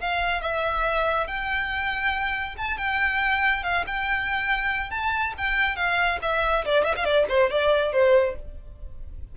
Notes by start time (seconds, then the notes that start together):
0.00 F5
0.41 E5
1.27 G5
2.57 A5
2.77 G5
3.63 F5
3.87 G5
4.91 A5
5.37 G5
5.76 F5
6.22 E5
6.65 D5
6.84 E5
6.96 F5
7.05 D5
7.29 C5
7.50 D5
7.92 C5